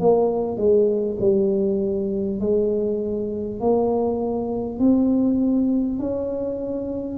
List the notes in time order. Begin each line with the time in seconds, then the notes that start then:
0.00 A#3
0.57 G#3
1.21 G3
2.41 G#3
3.60 A#3
4.79 C4
5.99 C#4